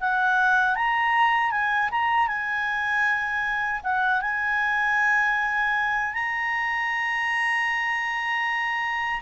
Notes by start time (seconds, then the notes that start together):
0.00 F#5
0.76 A#5
1.51 G#5
1.91 A#5
2.27 G#5
3.84 F#5
4.21 G#5
6.14 A#5